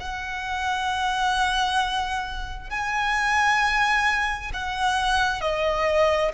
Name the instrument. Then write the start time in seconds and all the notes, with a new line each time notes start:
violin
0.00 F#5
2.70 G#5
4.54 F#5
5.41 D#5